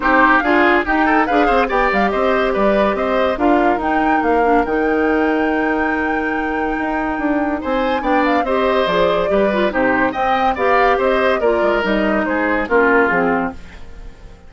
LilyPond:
<<
  \new Staff \with { instrumentName = "flute" } { \time 4/4 \tempo 4 = 142 c''4 f''4 g''4 f''4 | g''8 f''8 dis''4 d''4 dis''4 | f''4 g''4 f''4 g''4~ | g''1~ |
g''2 gis''4 g''8 f''8 | dis''4 d''2 c''4 | g''4 f''4 dis''4 d''4 | dis''4 c''4 ais'4 gis'4 | }
  \new Staff \with { instrumentName = "oboe" } { \time 4/4 g'4 gis'4 g'8 a'8 b'8 c''8 | d''4 c''4 b'4 c''4 | ais'1~ | ais'1~ |
ais'2 c''4 d''4 | c''2 b'4 g'4 | dis''4 d''4 c''4 ais'4~ | ais'4 gis'4 f'2 | }
  \new Staff \with { instrumentName = "clarinet" } { \time 4/4 dis'4 f'4 dis'4 gis'4 | g'1 | f'4 dis'4. d'8 dis'4~ | dis'1~ |
dis'2. d'4 | g'4 gis'4 g'8 f'8 dis'4 | c'4 g'2 f'4 | dis'2 cis'4 c'4 | }
  \new Staff \with { instrumentName = "bassoon" } { \time 4/4 c'4 d'4 dis'4 d'8 c'8 | b8 g8 c'4 g4 c'4 | d'4 dis'4 ais4 dis4~ | dis1 |
dis'4 d'4 c'4 b4 | c'4 f4 g4 c4 | c'4 b4 c'4 ais8 gis8 | g4 gis4 ais4 f4 | }
>>